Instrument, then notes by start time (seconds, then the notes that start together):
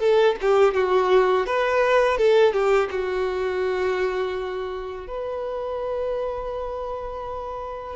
violin
0.00 A4
0.41 G4
0.74 F#4
1.47 B4
2.18 A4
2.53 G4
2.91 F#4
5.07 B4